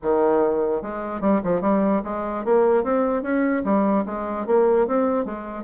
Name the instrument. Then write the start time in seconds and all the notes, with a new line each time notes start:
bassoon
0.02 D#3
0.82 G#3
1.20 G3
1.43 F3
1.61 G3
2.04 G#3
2.45 A#3
2.83 C4
3.22 C#4
3.64 G3
4.05 G#3
4.46 A#3
4.87 C4
5.25 G#3